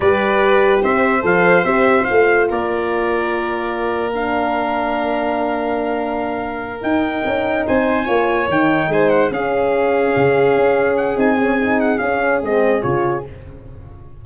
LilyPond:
<<
  \new Staff \with { instrumentName = "trumpet" } { \time 4/4 \tempo 4 = 145 d''2 e''4 f''4 | e''4 f''4 d''2~ | d''2 f''2~ | f''1~ |
f''8 g''2 gis''4.~ | gis''8 g''4 gis''8 fis''8 f''4.~ | f''2~ f''8 fis''8 gis''4~ | gis''8 fis''8 f''4 dis''4 cis''4 | }
  \new Staff \with { instrumentName = "violin" } { \time 4/4 b'2 c''2~ | c''2 ais'2~ | ais'1~ | ais'1~ |
ais'2~ ais'8 c''4 cis''8~ | cis''4. c''4 gis'4.~ | gis'1~ | gis'1 | }
  \new Staff \with { instrumentName = "horn" } { \time 4/4 g'2. a'4 | g'4 f'2.~ | f'2 d'2~ | d'1~ |
d'8 dis'2. f'8~ | f'8 dis'2 cis'4.~ | cis'2. dis'8 cis'8 | dis'4 cis'4 c'4 f'4 | }
  \new Staff \with { instrumentName = "tuba" } { \time 4/4 g2 c'4 f4 | c'4 a4 ais2~ | ais1~ | ais1~ |
ais8 dis'4 cis'4 c'4 ais8~ | ais8 dis4 gis4 cis'4.~ | cis'8 cis4 cis'4. c'4~ | c'4 cis'4 gis4 cis4 | }
>>